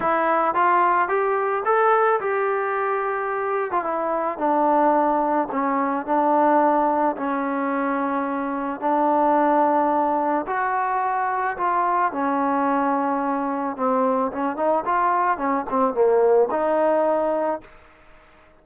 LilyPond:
\new Staff \with { instrumentName = "trombone" } { \time 4/4 \tempo 4 = 109 e'4 f'4 g'4 a'4 | g'2~ g'8. f'16 e'4 | d'2 cis'4 d'4~ | d'4 cis'2. |
d'2. fis'4~ | fis'4 f'4 cis'2~ | cis'4 c'4 cis'8 dis'8 f'4 | cis'8 c'8 ais4 dis'2 | }